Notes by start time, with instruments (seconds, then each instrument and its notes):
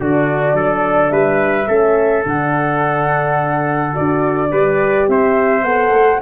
0.00 tuba D3, horn D4, trumpet F#4, flute D5
0.54 tuba F#3, trumpet A4
1.10 tuba G3, trumpet B4, flute E5
1.68 tuba A3, horn C#4, trumpet A4
2.25 tuba D3, horn D4, flute F#5
3.93 tuba D4, horn F#4, flute D5
4.50 tuba G3, horn G4, trumpet B4
5.08 tuba C4, trumpet C5, flute E5
5.63 tuba B3, horn A4, flute F#5
5.92 tuba A3